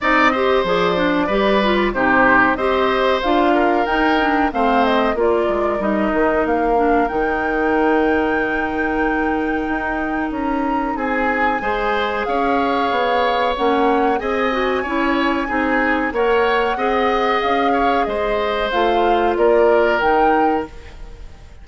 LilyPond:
<<
  \new Staff \with { instrumentName = "flute" } { \time 4/4 \tempo 4 = 93 dis''4 d''2 c''4 | dis''4 f''4 g''4 f''8 dis''8 | d''4 dis''4 f''4 g''4~ | g''1 |
ais''4 gis''2 f''4~ | f''4 fis''4 gis''2~ | gis''4 fis''2 f''4 | dis''4 f''4 d''4 g''4 | }
  \new Staff \with { instrumentName = "oboe" } { \time 4/4 d''8 c''4. b'4 g'4 | c''4. ais'4. c''4 | ais'1~ | ais'1~ |
ais'4 gis'4 c''4 cis''4~ | cis''2 dis''4 cis''4 | gis'4 cis''4 dis''4. cis''8 | c''2 ais'2 | }
  \new Staff \with { instrumentName = "clarinet" } { \time 4/4 dis'8 g'8 gis'8 d'8 g'8 f'8 dis'4 | g'4 f'4 dis'8 d'8 c'4 | f'4 dis'4. d'8 dis'4~ | dis'1~ |
dis'2 gis'2~ | gis'4 cis'4 gis'8 fis'8 e'4 | dis'4 ais'4 gis'2~ | gis'4 f'2 dis'4 | }
  \new Staff \with { instrumentName = "bassoon" } { \time 4/4 c'4 f4 g4 c4 | c'4 d'4 dis'4 a4 | ais8 gis8 g8 dis8 ais4 dis4~ | dis2. dis'4 |
cis'4 c'4 gis4 cis'4 | b4 ais4 c'4 cis'4 | c'4 ais4 c'4 cis'4 | gis4 a4 ais4 dis4 | }
>>